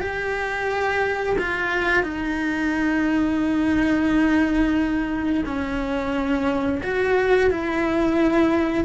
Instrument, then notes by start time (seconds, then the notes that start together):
cello
0.00 G4
1.39 F4
2.03 D#4
5.45 C#4
6.83 F#4
7.51 E4